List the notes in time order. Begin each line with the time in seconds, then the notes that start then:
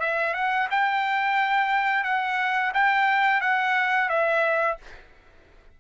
0.00 E5
0.34 F#5
0.70 G5
2.04 F#5
2.74 G5
3.41 F#5
4.09 E5